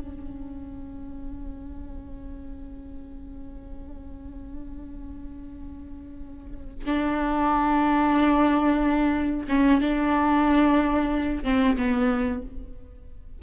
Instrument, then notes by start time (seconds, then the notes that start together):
viola
0.00 C#4
6.86 D4
9.49 C#4
9.81 D4
11.44 C4
11.77 B3